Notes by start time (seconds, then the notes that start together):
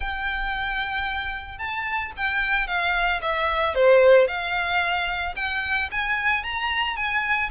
0.00 G5
1.58 A5
2.16 G5
2.67 F5
3.21 E5
3.75 C5
4.27 F5
5.35 G5
5.91 G#5
6.43 A#5
6.96 G#5